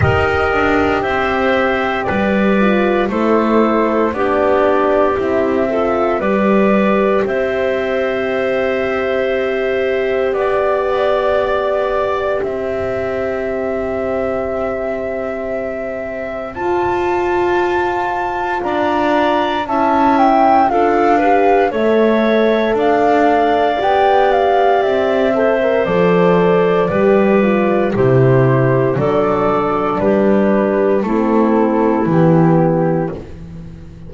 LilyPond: <<
  \new Staff \with { instrumentName = "flute" } { \time 4/4 \tempo 4 = 58 dis''4 e''4 d''4 c''4 | d''4 e''4 d''4 e''4~ | e''2 d''2 | e''1 |
a''2 ais''4 a''8 g''8 | f''4 e''4 f''4 g''8 f''8 | e''4 d''2 c''4 | d''4 b'4 a'4 g'4 | }
  \new Staff \with { instrumentName = "clarinet" } { \time 4/4 ais'4 c''4 b'4 a'4 | g'4. a'8 b'4 c''4~ | c''2 d''2 | c''1~ |
c''2 d''4 e''4 | a'8 b'8 cis''4 d''2~ | d''8 c''4. b'4 g'4 | a'4 g'4 e'2 | }
  \new Staff \with { instrumentName = "horn" } { \time 4/4 g'2~ g'8 f'8 e'4 | d'4 e'8 f'8 g'2~ | g'1~ | g'1 |
f'2. e'4 | f'8 g'8 a'2 g'4~ | g'8 a'16 ais'16 a'4 g'8 f'8 e'4 | d'2 c'4 b4 | }
  \new Staff \with { instrumentName = "double bass" } { \time 4/4 dis'8 d'8 c'4 g4 a4 | b4 c'4 g4 c'4~ | c'2 b2 | c'1 |
f'2 d'4 cis'4 | d'4 a4 d'4 b4 | c'4 f4 g4 c4 | fis4 g4 a4 e4 | }
>>